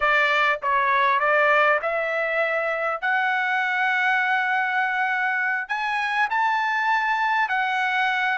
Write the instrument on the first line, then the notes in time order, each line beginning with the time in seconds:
trumpet
0.00 D5
0.62 C#5
1.19 D5
1.81 E5
3.01 F#5
5.68 G#5
6.30 A5
7.48 F#5